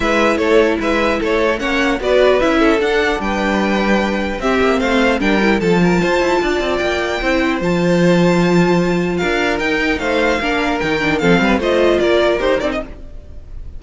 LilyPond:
<<
  \new Staff \with { instrumentName = "violin" } { \time 4/4 \tempo 4 = 150 e''4 cis''4 e''4 cis''4 | fis''4 d''4 e''4 fis''4 | g''2. e''4 | f''4 g''4 a''2~ |
a''4 g''2 a''4~ | a''2. f''4 | g''4 f''2 g''4 | f''4 dis''4 d''4 c''8 d''16 dis''16 | }
  \new Staff \with { instrumentName = "violin" } { \time 4/4 b'4 a'4 b'4 a'4 | cis''4 b'4. a'4. | b'2. g'4 | c''4 ais'4 a'8 ais'8 c''4 |
d''2 c''2~ | c''2. ais'4~ | ais'4 c''4 ais'2 | a'8 b'8 c''4 ais'2 | }
  \new Staff \with { instrumentName = "viola" } { \time 4/4 e'1 | cis'4 fis'4 e'4 d'4~ | d'2. c'4~ | c'4 d'8 e'8 f'2~ |
f'2 e'4 f'4~ | f'1 | dis'2 d'4 dis'8 d'8 | c'4 f'2 g'8 dis'8 | }
  \new Staff \with { instrumentName = "cello" } { \time 4/4 gis4 a4 gis4 a4 | ais4 b4 cis'4 d'4 | g2. c'8 ais8 | a4 g4 f4 f'8 e'8 |
d'8 c'8 ais4 c'4 f4~ | f2. d'4 | dis'4 a4 ais4 dis4 | f8 g8 a4 ais4 dis'8 c'8 | }
>>